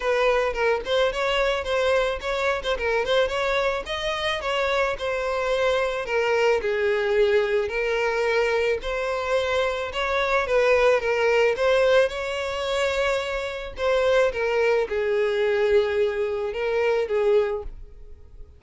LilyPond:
\new Staff \with { instrumentName = "violin" } { \time 4/4 \tempo 4 = 109 b'4 ais'8 c''8 cis''4 c''4 | cis''8. c''16 ais'8 c''8 cis''4 dis''4 | cis''4 c''2 ais'4 | gis'2 ais'2 |
c''2 cis''4 b'4 | ais'4 c''4 cis''2~ | cis''4 c''4 ais'4 gis'4~ | gis'2 ais'4 gis'4 | }